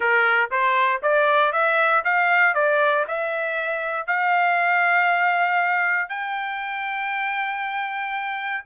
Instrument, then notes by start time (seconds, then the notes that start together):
trumpet
0.00 A#4
0.50 C5
1.02 D5
1.52 E5
2.04 F5
2.54 D5
3.07 E5
4.06 F5
6.09 G5